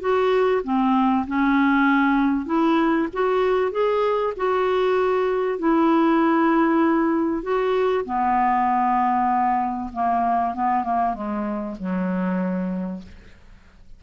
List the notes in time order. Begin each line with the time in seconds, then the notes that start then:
0.00 F#4
0.64 C4
1.27 C#4
2.46 E4
3.13 F#4
3.71 G#4
4.37 F#4
5.58 E4
7.43 F#4
8.05 B3
9.93 A#3
10.54 B3
10.84 A#3
11.14 G#3
11.79 F#3